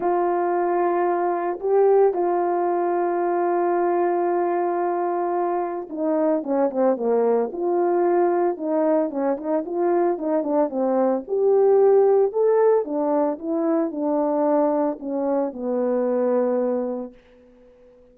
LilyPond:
\new Staff \with { instrumentName = "horn" } { \time 4/4 \tempo 4 = 112 f'2. g'4 | f'1~ | f'2. dis'4 | cis'8 c'8 ais4 f'2 |
dis'4 cis'8 dis'8 f'4 dis'8 d'8 | c'4 g'2 a'4 | d'4 e'4 d'2 | cis'4 b2. | }